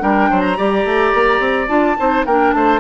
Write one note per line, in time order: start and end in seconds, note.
0.00 0.30 G3
0.00 0.56 D4
0.00 0.30 A#4
0.00 0.40 G5
0.30 0.58 F#3
0.30 0.57 C5
0.40 1.66 A#5
0.56 0.85 G3
0.56 1.68 G4
0.56 1.97 D5
0.85 1.13 A3
1.14 1.39 A#3
1.39 1.67 C4
1.68 1.97 D4
1.68 1.96 F4
1.68 2.24 A5
1.98 2.25 C4
1.98 2.26 D#4
1.98 2.25 C5
2.25 2.53 A#3
2.25 2.80 D4
2.25 2.54 A#4
2.25 2.52 G5
2.52 2.80 A3
2.52 2.80 C5
2.52 2.80 A5